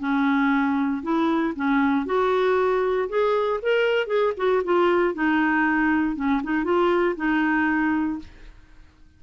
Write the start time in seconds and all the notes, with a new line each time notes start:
0.00 C#4
1.03 E4
1.56 C#4
2.06 F#4
3.09 G#4
3.62 A#4
4.07 G#4
4.37 F#4
4.64 F4
5.14 D#4
6.16 C#4
6.44 D#4
6.65 F4
7.17 D#4